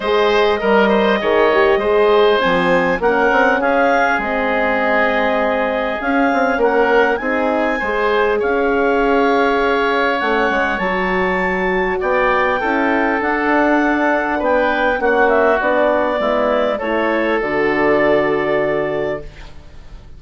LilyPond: <<
  \new Staff \with { instrumentName = "clarinet" } { \time 4/4 \tempo 4 = 100 dis''1 | gis''4 fis''4 f''4 dis''4~ | dis''2 f''4 fis''4 | gis''2 f''2~ |
f''4 fis''4 a''2 | g''2 fis''2 | g''4 fis''8 e''8 d''2 | cis''4 d''2. | }
  \new Staff \with { instrumentName = "oboe" } { \time 4/4 c''4 ais'8 c''8 cis''4 c''4~ | c''4 ais'4 gis'2~ | gis'2. ais'4 | gis'4 c''4 cis''2~ |
cis''1 | d''4 a'2. | b'4 fis'2 e'4 | a'1 | }
  \new Staff \with { instrumentName = "horn" } { \time 4/4 gis'4 ais'4 gis'8 g'8 gis'4 | c'4 cis'2 c'4~ | c'2 cis'2 | dis'4 gis'2.~ |
gis'4 cis'4 fis'2~ | fis'4 e'4 d'2~ | d'4 cis'4 d'4 b4 | e'4 fis'2. | }
  \new Staff \with { instrumentName = "bassoon" } { \time 4/4 gis4 g4 dis4 gis4 | f4 ais8 c'8 cis'4 gis4~ | gis2 cis'8 c'8 ais4 | c'4 gis4 cis'2~ |
cis'4 a8 gis8 fis2 | b4 cis'4 d'2 | b4 ais4 b4 gis4 | a4 d2. | }
>>